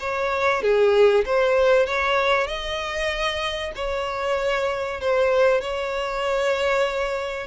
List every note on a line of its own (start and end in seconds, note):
0.00 0.62 C#5
0.62 1.25 G#4
1.26 1.86 C5
1.86 2.47 C#5
2.47 3.72 D#5
3.76 5.01 C#5
5.01 5.61 C5
5.61 7.47 C#5